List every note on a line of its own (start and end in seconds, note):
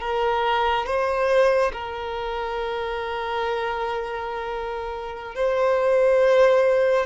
0.00 0.86 A#4
0.86 1.71 C5
1.72 5.35 A#4
5.35 7.06 C5